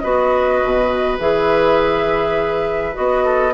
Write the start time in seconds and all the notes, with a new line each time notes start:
0.00 B3 F#4 B4 D#5
0.64 B2
1.19 E3 G#4 E5
2.94 B3 F#4 D#5
3.25 A4